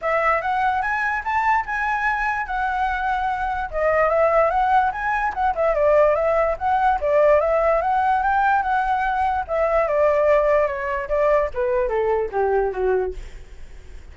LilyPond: \new Staff \with { instrumentName = "flute" } { \time 4/4 \tempo 4 = 146 e''4 fis''4 gis''4 a''4 | gis''2 fis''2~ | fis''4 dis''4 e''4 fis''4 | gis''4 fis''8 e''8 d''4 e''4 |
fis''4 d''4 e''4 fis''4 | g''4 fis''2 e''4 | d''2 cis''4 d''4 | b'4 a'4 g'4 fis'4 | }